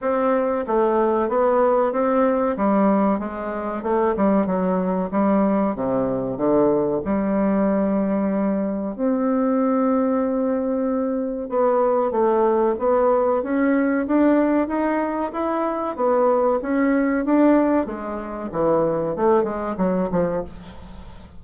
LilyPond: \new Staff \with { instrumentName = "bassoon" } { \time 4/4 \tempo 4 = 94 c'4 a4 b4 c'4 | g4 gis4 a8 g8 fis4 | g4 c4 d4 g4~ | g2 c'2~ |
c'2 b4 a4 | b4 cis'4 d'4 dis'4 | e'4 b4 cis'4 d'4 | gis4 e4 a8 gis8 fis8 f8 | }